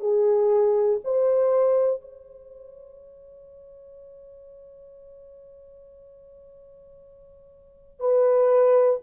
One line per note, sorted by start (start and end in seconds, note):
0.00 1.00 G#4
1.04 2.01 C5
2.01 8.00 C#5
8.00 9.00 B4